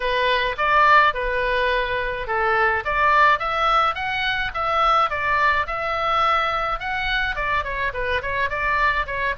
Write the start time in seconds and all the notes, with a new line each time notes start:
0.00 B4
0.57 D5
1.14 B4
2.27 A4
2.85 D5
3.39 E5
3.95 F#5
4.54 E5
5.09 D5
5.67 E5
6.79 F#5
7.35 D5
7.63 C#5
7.93 B4
8.22 C#5
8.49 D5
9.06 C#5